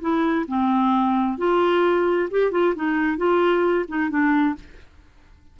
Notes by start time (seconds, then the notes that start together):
0.00 E4
0.48 C4
1.38 F4
2.30 G4
2.51 F4
2.75 D#4
3.17 F4
3.88 D#4
4.09 D4